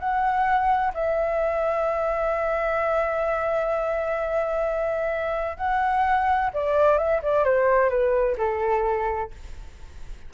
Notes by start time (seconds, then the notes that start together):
0.00 F#5
0.94 E5
5.58 F#5
6.54 D5
6.98 E5
7.23 D5
7.45 C5
7.90 B4
8.38 A4